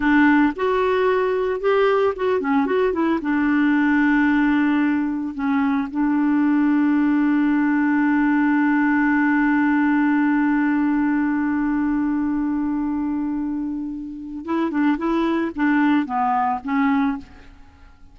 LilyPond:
\new Staff \with { instrumentName = "clarinet" } { \time 4/4 \tempo 4 = 112 d'4 fis'2 g'4 | fis'8 cis'8 fis'8 e'8 d'2~ | d'2 cis'4 d'4~ | d'1~ |
d'1~ | d'1~ | d'2. e'8 d'8 | e'4 d'4 b4 cis'4 | }